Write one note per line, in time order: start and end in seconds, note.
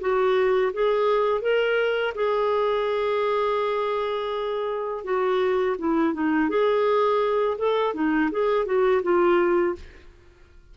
0.00 0.72 F#4
0.73 1.41 G#4
1.41 2.14 A#4
2.15 5.04 G#4
5.04 5.76 F#4
5.78 6.14 E4
6.14 6.49 D#4
6.49 7.58 G#4
7.58 7.94 A4
7.94 8.30 D#4
8.31 8.65 G#4
8.65 9.02 F#4
9.03 9.75 F4